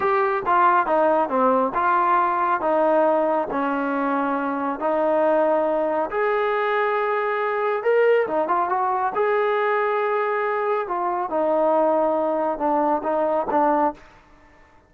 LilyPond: \new Staff \with { instrumentName = "trombone" } { \time 4/4 \tempo 4 = 138 g'4 f'4 dis'4 c'4 | f'2 dis'2 | cis'2. dis'4~ | dis'2 gis'2~ |
gis'2 ais'4 dis'8 f'8 | fis'4 gis'2.~ | gis'4 f'4 dis'2~ | dis'4 d'4 dis'4 d'4 | }